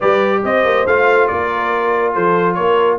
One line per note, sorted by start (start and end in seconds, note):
0.00 0.44 G3
0.00 0.86 G4
0.00 0.42 B4
0.00 0.43 D5
0.44 0.64 C4
0.44 1.30 C5
0.44 0.86 D#5
0.64 0.86 A#3
0.86 1.29 A3
0.86 2.99 F4
0.86 1.27 F5
1.27 2.16 A#3
1.27 2.13 A#4
1.27 2.13 D5
2.13 2.58 F3
2.13 2.56 A4
2.13 2.54 C5
2.54 2.99 A#3
2.54 2.99 A#4
2.54 2.97 C#5